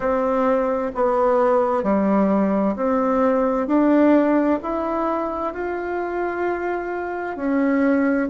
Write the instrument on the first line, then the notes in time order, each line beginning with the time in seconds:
bassoon
0.00 C4
0.94 B3
1.83 G3
2.76 C4
3.67 D4
4.62 E4
5.53 F4
7.36 C#4